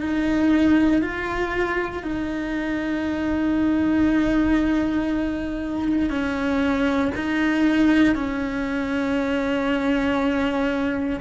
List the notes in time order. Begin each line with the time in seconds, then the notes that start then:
0.00 D#4
1.01 F4
2.02 D#4
6.09 C#4
7.15 D#4
8.14 C#4